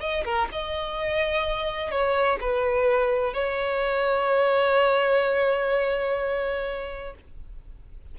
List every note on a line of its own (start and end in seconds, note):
0.00 0.24 D#5
0.25 0.48 A#4
0.52 1.91 D#5
1.91 2.39 C#5
2.41 3.33 B4
3.33 7.14 C#5